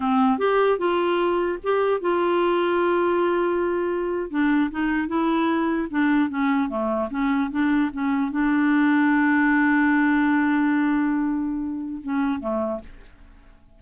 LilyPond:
\new Staff \with { instrumentName = "clarinet" } { \time 4/4 \tempo 4 = 150 c'4 g'4 f'2 | g'4 f'2.~ | f'2~ f'8. d'4 dis'16~ | dis'8. e'2 d'4 cis'16~ |
cis'8. a4 cis'4 d'4 cis'16~ | cis'8. d'2.~ d'16~ | d'1~ | d'2 cis'4 a4 | }